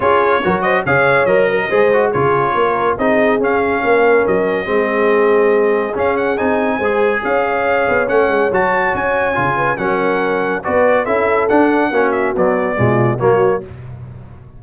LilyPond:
<<
  \new Staff \with { instrumentName = "trumpet" } { \time 4/4 \tempo 4 = 141 cis''4. dis''8 f''4 dis''4~ | dis''4 cis''2 dis''4 | f''2 dis''2~ | dis''2 f''8 fis''8 gis''4~ |
gis''4 f''2 fis''4 | a''4 gis''2 fis''4~ | fis''4 d''4 e''4 fis''4~ | fis''8 e''8 d''2 cis''4 | }
  \new Staff \with { instrumentName = "horn" } { \time 4/4 gis'4 ais'8 c''8 cis''4. ais'8 | c''4 gis'4 ais'4 gis'4~ | gis'4 ais'2 gis'4~ | gis'1 |
c''4 cis''2.~ | cis''2~ cis''8 b'8 ais'4~ | ais'4 b'4 a'2 | fis'2 f'4 fis'4 | }
  \new Staff \with { instrumentName = "trombone" } { \time 4/4 f'4 fis'4 gis'4 ais'4 | gis'8 fis'8 f'2 dis'4 | cis'2. c'4~ | c'2 cis'4 dis'4 |
gis'2. cis'4 | fis'2 f'4 cis'4~ | cis'4 fis'4 e'4 d'4 | cis'4 fis4 gis4 ais4 | }
  \new Staff \with { instrumentName = "tuba" } { \time 4/4 cis'4 fis4 cis4 fis4 | gis4 cis4 ais4 c'4 | cis'4 ais4 fis4 gis4~ | gis2 cis'4 c'4 |
gis4 cis'4. b8 a8 gis8 | fis4 cis'4 cis4 fis4~ | fis4 b4 cis'4 d'4 | ais4 b4 b,4 fis4 | }
>>